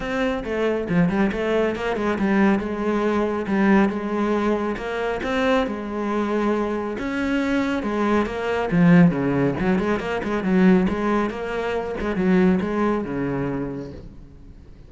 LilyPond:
\new Staff \with { instrumentName = "cello" } { \time 4/4 \tempo 4 = 138 c'4 a4 f8 g8 a4 | ais8 gis8 g4 gis2 | g4 gis2 ais4 | c'4 gis2. |
cis'2 gis4 ais4 | f4 cis4 fis8 gis8 ais8 gis8 | fis4 gis4 ais4. gis8 | fis4 gis4 cis2 | }